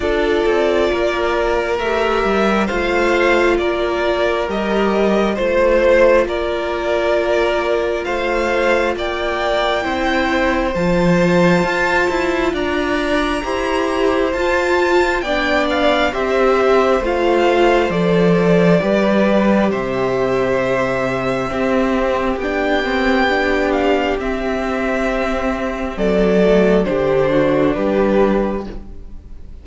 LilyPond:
<<
  \new Staff \with { instrumentName = "violin" } { \time 4/4 \tempo 4 = 67 d''2 e''4 f''4 | d''4 dis''4 c''4 d''4~ | d''4 f''4 g''2 | a''2 ais''2 |
a''4 g''8 f''8 e''4 f''4 | d''2 e''2~ | e''4 g''4. f''8 e''4~ | e''4 d''4 c''4 b'4 | }
  \new Staff \with { instrumentName = "violin" } { \time 4/4 a'4 ais'2 c''4 | ais'2 c''4 ais'4~ | ais'4 c''4 d''4 c''4~ | c''2 d''4 c''4~ |
c''4 d''4 c''2~ | c''4 b'4 c''2 | g'1~ | g'4 a'4 g'8 fis'8 g'4 | }
  \new Staff \with { instrumentName = "viola" } { \time 4/4 f'2 g'4 f'4~ | f'4 g'4 f'2~ | f'2. e'4 | f'2. g'4 |
f'4 d'4 g'4 f'4 | a'4 g'2. | c'4 d'8 c'8 d'4 c'4~ | c'4. a8 d'2 | }
  \new Staff \with { instrumentName = "cello" } { \time 4/4 d'8 c'8 ais4 a8 g8 a4 | ais4 g4 a4 ais4~ | ais4 a4 ais4 c'4 | f4 f'8 e'8 d'4 e'4 |
f'4 b4 c'4 a4 | f4 g4 c2 | c'4 b2 c'4~ | c'4 fis4 d4 g4 | }
>>